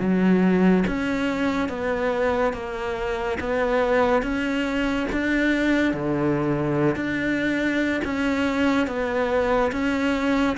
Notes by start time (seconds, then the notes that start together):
0.00 F#3
0.88 C#4
1.69 B3
2.54 A#3
3.41 B3
4.23 C#4
5.12 D4
5.94 D3
6.96 D4
8.05 C#4
8.88 B3
9.73 C#4